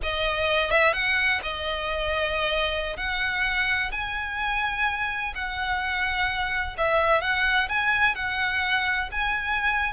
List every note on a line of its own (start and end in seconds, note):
0.02 0.70 D#5
0.70 0.93 E5
0.93 1.40 F#5
1.42 2.96 D#5
2.96 3.91 F#5
3.91 5.33 G#5
5.35 6.76 F#5
6.77 7.21 E5
7.21 7.68 F#5
7.68 8.15 G#5
8.15 9.09 F#5
9.11 9.93 G#5